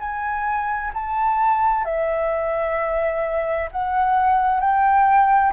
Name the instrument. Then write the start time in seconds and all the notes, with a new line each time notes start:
flute
0.00 G#5
0.94 A5
1.85 E5
3.72 F#5
4.61 G5